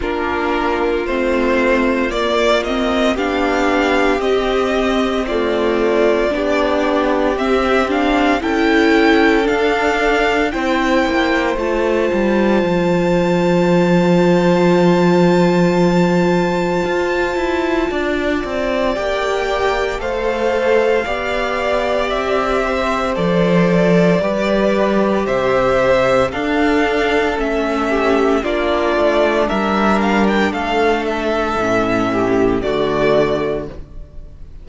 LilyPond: <<
  \new Staff \with { instrumentName = "violin" } { \time 4/4 \tempo 4 = 57 ais'4 c''4 d''8 dis''8 f''4 | dis''4 d''2 e''8 f''8 | g''4 f''4 g''4 a''4~ | a''1~ |
a''2 g''4 f''4~ | f''4 e''4 d''2 | e''4 f''4 e''4 d''4 | e''8 f''16 g''16 f''8 e''4. d''4 | }
  \new Staff \with { instrumentName = "violin" } { \time 4/4 f'2. g'4~ | g'4 f'4 g'2 | a'2 c''2~ | c''1~ |
c''4 d''2 c''4 | d''4. c''4. b'4 | c''4 a'4. g'8 f'4 | ais'4 a'4. g'8 fis'4 | }
  \new Staff \with { instrumentName = "viola" } { \time 4/4 d'4 c'4 ais8 c'8 d'4 | c'4 a4 d'4 c'8 d'8 | e'4 d'4 e'4 f'4~ | f'1~ |
f'2 g'4 a'4 | g'2 a'4 g'4~ | g'4 d'4 cis'4 d'4~ | d'2 cis'4 a4 | }
  \new Staff \with { instrumentName = "cello" } { \time 4/4 ais4 a4 ais4 b4 | c'2 b4 c'4 | cis'4 d'4 c'8 ais8 a8 g8 | f1 |
f'8 e'8 d'8 c'8 ais4 a4 | b4 c'4 f4 g4 | c4 d'4 a4 ais8 a8 | g4 a4 a,4 d4 | }
>>